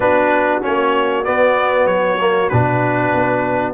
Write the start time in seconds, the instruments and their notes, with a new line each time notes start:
0.00 tuba B3, trombone D4, horn F#4, trumpet B4
0.61 tuba A#3, trombone C#4, trumpet C#5
1.24 trombone B3, tuba B3, trumpet D5
1.86 tuba F#3, trumpet C#5
2.20 trombone A#3
2.49 tuba B2, trombone D4, trumpet B4
3.14 tuba B3